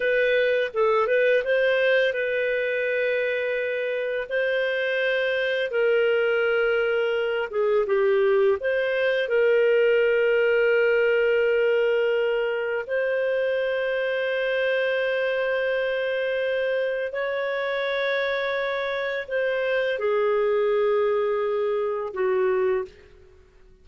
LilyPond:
\new Staff \with { instrumentName = "clarinet" } { \time 4/4 \tempo 4 = 84 b'4 a'8 b'8 c''4 b'4~ | b'2 c''2 | ais'2~ ais'8 gis'8 g'4 | c''4 ais'2.~ |
ais'2 c''2~ | c''1 | cis''2. c''4 | gis'2. fis'4 | }